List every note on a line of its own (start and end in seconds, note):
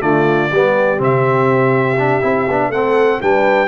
0.00 0.51 D3
0.00 0.49 A3
0.00 0.51 F4
0.00 1.00 D5
0.51 0.99 G3
0.51 0.98 B3
0.51 2.72 G4
0.98 2.22 C3
0.98 1.96 C4
0.98 2.72 E5
1.98 2.22 D4
2.22 2.48 C4
2.22 2.47 E4
2.48 2.69 B3
2.48 2.73 D4
2.69 3.18 A3
2.69 3.22 C4
2.69 3.21 A4
2.69 3.21 F#5
3.21 3.68 G3
3.21 3.68 D4
3.21 3.68 B4
3.21 3.68 G5